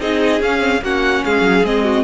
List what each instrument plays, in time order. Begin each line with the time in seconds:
0.00 cello C4, viola D#4, violin G#4 D#5
0.40 cello C#4, viola C#4, violin F5
0.59 viola C4
0.82 cello A#3, viola C#4, violin F#4 F#5
1.25 cello G#3, violin G#4 F5
1.42 cello F#3
1.63 cello G#3, viola C4, violin D#5
1.84 violin F#4